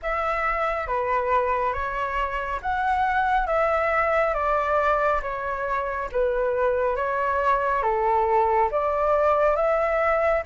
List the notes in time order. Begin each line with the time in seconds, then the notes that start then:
0.02 E5
0.87 B4
1.73 C#5
2.62 F#5
3.47 E5
4.34 D5
5.22 C#5
6.11 B4
6.96 C#5
7.82 A4
8.71 D5
9.56 E5